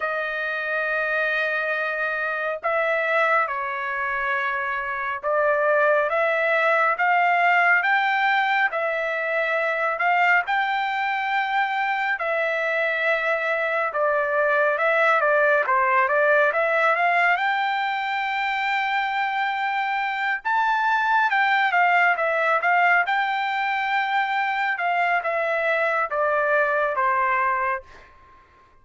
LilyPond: \new Staff \with { instrumentName = "trumpet" } { \time 4/4 \tempo 4 = 69 dis''2. e''4 | cis''2 d''4 e''4 | f''4 g''4 e''4. f''8 | g''2 e''2 |
d''4 e''8 d''8 c''8 d''8 e''8 f''8 | g''2.~ g''8 a''8~ | a''8 g''8 f''8 e''8 f''8 g''4.~ | g''8 f''8 e''4 d''4 c''4 | }